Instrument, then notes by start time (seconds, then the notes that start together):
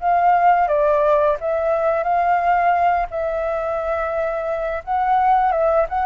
flute
0.00 F5
0.68 D5
1.40 E5
2.03 F5
3.10 E5
4.84 F#5
5.52 E5
5.89 F#5